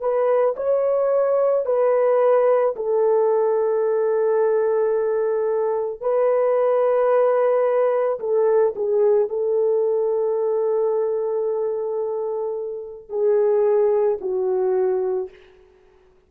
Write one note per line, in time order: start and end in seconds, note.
0.00 0.55 B4
0.57 1.66 C#5
1.66 2.75 B4
2.76 6.01 A4
6.01 8.19 B4
8.20 8.74 A4
8.75 9.29 G#4
9.29 13.09 A4
13.09 14.18 G#4
14.21 15.30 F#4